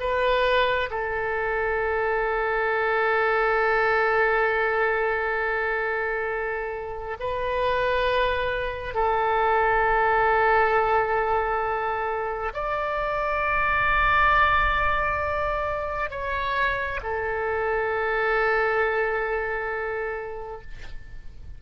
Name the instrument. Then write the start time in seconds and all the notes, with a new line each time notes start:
oboe
0.00 B4
0.90 A4
7.19 B4
8.94 A4
12.53 D5
16.10 C#5
17.03 A4